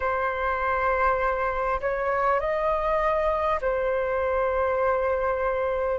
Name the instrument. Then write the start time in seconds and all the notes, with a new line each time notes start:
flute
0.00 C5
1.80 C#5
2.40 D#5
3.61 C5